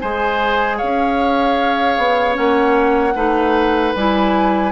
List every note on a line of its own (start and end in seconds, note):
0.00 0.82 G#3
0.00 2.34 G#4
0.00 0.77 C5
0.00 0.78 G#5
0.77 1.98 C#4
0.77 3.14 C#5
0.77 2.36 F5
1.98 2.37 B3
2.34 3.15 A#3
2.34 3.13 C#4
2.34 3.94 F#5
3.15 3.94 A3
3.15 3.95 D#4
3.15 4.72 B4
3.95 4.72 G3
3.95 4.72 E4
3.95 4.72 G#5